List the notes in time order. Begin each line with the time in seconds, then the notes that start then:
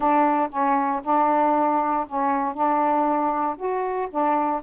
0.00 D4
0.50 C#4
1.03 D4
2.07 C#4
2.53 D4
3.57 F#4
4.10 D4